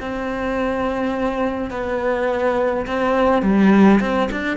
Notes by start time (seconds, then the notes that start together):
0.00 C4
1.70 B3
2.86 C4
3.42 G3
4.00 C4
4.31 D4